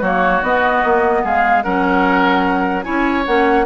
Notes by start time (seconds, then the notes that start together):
0.00 F#3 A#3 F#4 C#5
0.42 B3 D#5
0.84 A#3
1.23 G#3 G#4 F5
1.62 F#3 C#4 A#4 F#5
2.83 C#4 E4 C#5 G#5
3.25 A#3 C#4 F#5